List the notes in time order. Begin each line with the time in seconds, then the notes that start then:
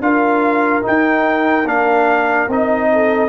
0.00 D4 F4 A#4 F5
0.82 D#4 G5
1.65 A#3 D4 F5
2.48 C4 D#4 D#5
2.92 A4